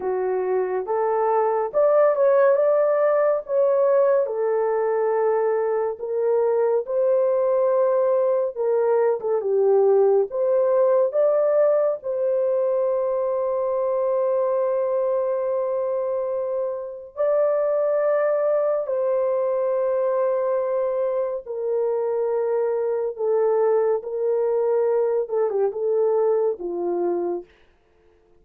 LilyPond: \new Staff \with { instrumentName = "horn" } { \time 4/4 \tempo 4 = 70 fis'4 a'4 d''8 cis''8 d''4 | cis''4 a'2 ais'4 | c''2 ais'8. a'16 g'4 | c''4 d''4 c''2~ |
c''1 | d''2 c''2~ | c''4 ais'2 a'4 | ais'4. a'16 g'16 a'4 f'4 | }